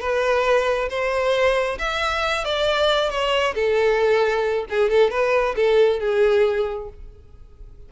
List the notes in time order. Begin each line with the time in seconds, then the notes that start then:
0.00 B4
0.89 C5
1.79 E5
2.44 D5
3.09 C#5
3.54 A4
4.70 G#4
4.90 A4
5.10 B4
5.56 A4
6.00 G#4